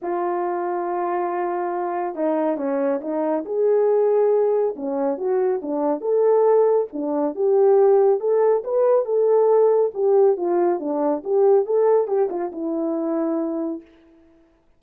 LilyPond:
\new Staff \with { instrumentName = "horn" } { \time 4/4 \tempo 4 = 139 f'1~ | f'4 dis'4 cis'4 dis'4 | gis'2. cis'4 | fis'4 d'4 a'2 |
d'4 g'2 a'4 | b'4 a'2 g'4 | f'4 d'4 g'4 a'4 | g'8 f'8 e'2. | }